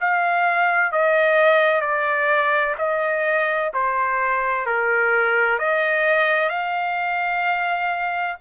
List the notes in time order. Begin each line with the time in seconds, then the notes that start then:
0.00 F5
0.92 D#5
1.81 D5
2.78 D#5
3.73 C5
4.66 A#4
5.58 D#5
6.49 F5